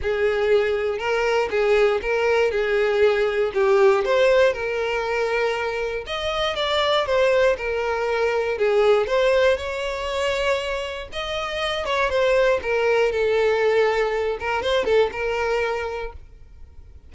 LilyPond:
\new Staff \with { instrumentName = "violin" } { \time 4/4 \tempo 4 = 119 gis'2 ais'4 gis'4 | ais'4 gis'2 g'4 | c''4 ais'2. | dis''4 d''4 c''4 ais'4~ |
ais'4 gis'4 c''4 cis''4~ | cis''2 dis''4. cis''8 | c''4 ais'4 a'2~ | a'8 ais'8 c''8 a'8 ais'2 | }